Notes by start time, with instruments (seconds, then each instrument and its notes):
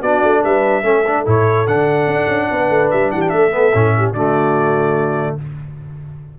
0.00 tuba B3, trombone D4, horn F#4, trumpet D5
0.23 tuba A3
0.43 tuba G3, horn B4, trumpet E5
0.83 tuba A3, trombone C#4, horn A4
1.06 trombone D4
1.26 tuba A2, trombone E4, trumpet C#5
1.67 tuba D3, trombone D4, trumpet F#5
2.07 tuba D4
2.28 tuba C#4
2.51 tuba B3, horn B4
2.69 tuba A3
2.90 tuba G3, trumpet E5
3.11 tuba E3, horn G4, trumpet F#5
3.21 trumpet G5
3.29 tuba A3, horn A4, trumpet E5
3.51 trombone B3
3.74 tuba A2, trombone C#4
3.97 horn G4
4.13 tuba D3, trombone A3, horn F#4, trumpet D5